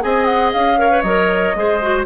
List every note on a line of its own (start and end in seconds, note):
0.00 0.54 C4
0.00 0.76 G#4
0.00 0.80 D#5
0.00 0.25 G#5
0.25 0.50 F#5
0.52 1.03 C#4
0.52 1.01 F5
0.78 0.90 A#4
0.78 1.56 C#5
0.90 1.03 B4
1.01 1.54 F#3
1.01 1.56 A#4
1.01 2.03 D#5
1.55 2.05 G#3
1.55 1.81 G#4
1.55 2.05 C5
1.81 2.05 F#4